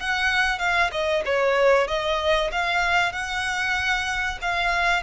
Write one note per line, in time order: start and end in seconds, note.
0.00 0.59 F#5
0.59 0.90 F5
0.92 1.23 D#5
1.25 1.87 C#5
1.87 2.51 D#5
2.52 3.13 F5
3.13 4.39 F#5
4.42 5.03 F5